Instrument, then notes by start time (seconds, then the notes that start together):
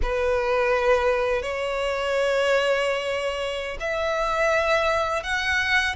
violin
0.02 B4
1.42 C#5
3.80 E5
5.23 F#5